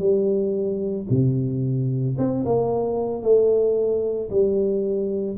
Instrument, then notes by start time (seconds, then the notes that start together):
tuba
0.00 G3
1.10 C3
2.18 C4
2.46 A#3
3.23 A3
4.31 G3